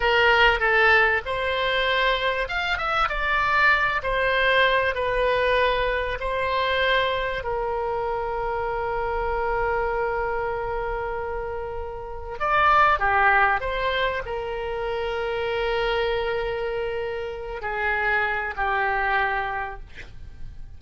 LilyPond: \new Staff \with { instrumentName = "oboe" } { \time 4/4 \tempo 4 = 97 ais'4 a'4 c''2 | f''8 e''8 d''4. c''4. | b'2 c''2 | ais'1~ |
ais'1 | d''4 g'4 c''4 ais'4~ | ais'1~ | ais'8 gis'4. g'2 | }